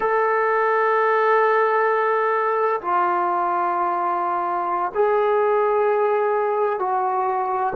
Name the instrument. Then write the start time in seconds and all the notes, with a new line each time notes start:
trombone
0.00 A4
2.81 F4
4.94 G#4
6.79 F#4